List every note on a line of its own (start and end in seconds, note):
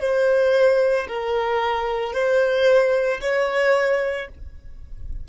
0.00 1.07 C5
1.07 2.13 A#4
2.13 3.20 C5
3.20 4.28 C#5